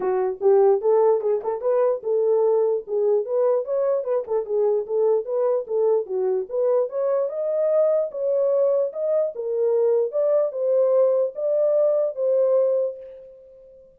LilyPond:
\new Staff \with { instrumentName = "horn" } { \time 4/4 \tempo 4 = 148 fis'4 g'4 a'4 gis'8 a'8 | b'4 a'2 gis'4 | b'4 cis''4 b'8 a'8 gis'4 | a'4 b'4 a'4 fis'4 |
b'4 cis''4 dis''2 | cis''2 dis''4 ais'4~ | ais'4 d''4 c''2 | d''2 c''2 | }